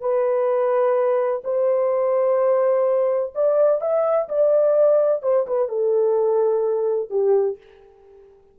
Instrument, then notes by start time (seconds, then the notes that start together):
horn
0.00 B4
1.44 C5
3.34 D5
3.81 E5
4.28 D5
5.22 C5
5.47 B4
5.68 A4
7.10 G4